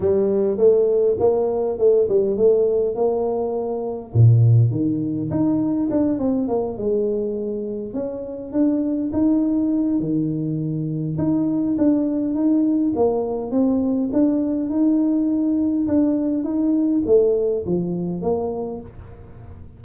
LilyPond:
\new Staff \with { instrumentName = "tuba" } { \time 4/4 \tempo 4 = 102 g4 a4 ais4 a8 g8 | a4 ais2 ais,4 | dis4 dis'4 d'8 c'8 ais8 gis8~ | gis4. cis'4 d'4 dis'8~ |
dis'4 dis2 dis'4 | d'4 dis'4 ais4 c'4 | d'4 dis'2 d'4 | dis'4 a4 f4 ais4 | }